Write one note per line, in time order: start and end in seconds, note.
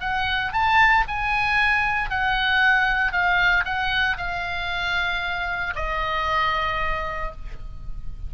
0.00 0.52 F#5
0.52 1.04 A5
1.07 2.10 G#5
2.10 3.12 F#5
3.12 3.64 F5
3.65 4.17 F#5
4.17 5.73 F5
5.75 7.32 D#5